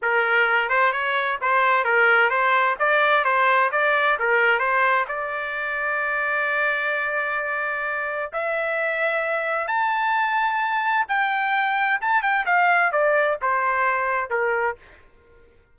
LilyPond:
\new Staff \with { instrumentName = "trumpet" } { \time 4/4 \tempo 4 = 130 ais'4. c''8 cis''4 c''4 | ais'4 c''4 d''4 c''4 | d''4 ais'4 c''4 d''4~ | d''1~ |
d''2 e''2~ | e''4 a''2. | g''2 a''8 g''8 f''4 | d''4 c''2 ais'4 | }